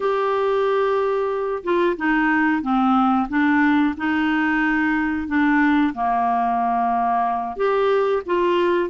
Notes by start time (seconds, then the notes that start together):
0.00 G4
1.63 F4
1.97 D#4
2.61 C4
3.28 D4
3.97 D#4
5.27 D4
5.94 A#3
7.56 G4
8.26 F4